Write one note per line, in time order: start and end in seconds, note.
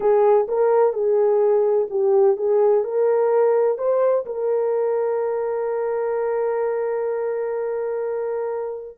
0.00 0.47 G#4
0.48 0.93 A#4
0.93 1.87 G#4
1.89 2.36 G4
2.36 2.83 G#4
2.84 3.78 A#4
3.78 4.25 C5
4.25 8.97 A#4